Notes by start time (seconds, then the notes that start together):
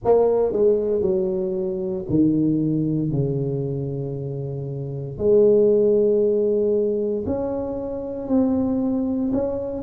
0.04 A#3
0.52 G#3
1.01 F#3
2.09 D#3
3.11 C#3
5.17 G#3
7.26 C#4
8.28 C4
9.32 C#4